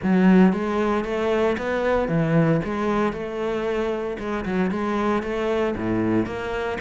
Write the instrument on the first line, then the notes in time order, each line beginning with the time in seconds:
cello
0.02 F#3
0.52 G#3
1.04 A3
1.57 B3
2.08 E3
2.64 G#3
3.12 A3
4.18 G#3
4.45 F#3
4.71 G#3
5.22 A3
5.76 A2
6.25 A#3